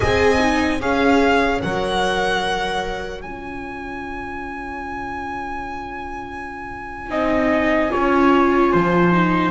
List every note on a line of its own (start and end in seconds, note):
0.00 0.80 C4
0.00 0.39 G#4
0.00 0.79 D#5
0.00 0.81 G#5
0.39 0.79 D#4
0.79 1.61 C#4
0.79 1.61 G#4
0.79 7.07 C#5
0.79 1.61 F5
1.61 3.24 F#3
1.61 3.24 A#4
1.61 3.21 F#5
3.21 7.09 C#4
3.21 7.09 F4
3.21 9.49 G#5
7.09 7.90 C4
7.09 7.89 D#4
7.09 7.91 D#5
7.89 8.73 C#4
7.89 9.11 F4
7.89 8.72 C#5
8.72 9.51 F3
8.72 9.51 C5
9.11 9.51 D#4